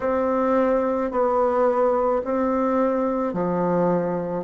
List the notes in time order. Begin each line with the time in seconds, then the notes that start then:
0.00 C4
1.11 B3
2.24 C4
3.33 F3